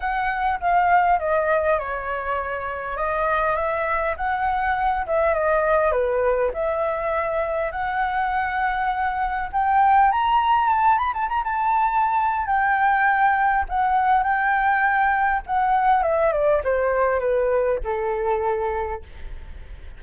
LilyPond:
\new Staff \with { instrumentName = "flute" } { \time 4/4 \tempo 4 = 101 fis''4 f''4 dis''4 cis''4~ | cis''4 dis''4 e''4 fis''4~ | fis''8 e''8 dis''4 b'4 e''4~ | e''4 fis''2. |
g''4 ais''4 a''8 b''16 a''16 ais''16 a''8.~ | a''4 g''2 fis''4 | g''2 fis''4 e''8 d''8 | c''4 b'4 a'2 | }